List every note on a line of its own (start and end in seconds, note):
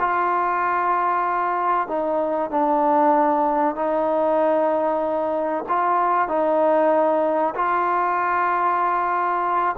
0.00 1.88 F4
1.88 2.51 D#4
2.51 3.76 D4
3.76 5.65 D#4
5.69 6.28 F4
6.28 7.55 D#4
7.55 9.76 F4